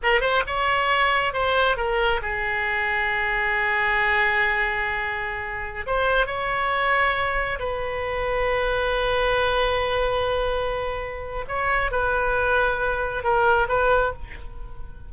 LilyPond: \new Staff \with { instrumentName = "oboe" } { \time 4/4 \tempo 4 = 136 ais'8 c''8 cis''2 c''4 | ais'4 gis'2.~ | gis'1~ | gis'4~ gis'16 c''4 cis''4.~ cis''16~ |
cis''4~ cis''16 b'2~ b'8.~ | b'1~ | b'2 cis''4 b'4~ | b'2 ais'4 b'4 | }